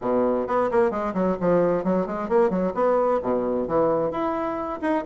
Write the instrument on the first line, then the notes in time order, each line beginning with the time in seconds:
bassoon
0.01 B2
0.47 B3
0.71 A#3
0.90 G#3
1.14 F#3
1.40 F3
1.83 F#3
2.06 G#3
2.28 A#3
2.49 F#3
2.74 B3
3.22 B2
3.67 E3
4.11 E4
4.81 D#4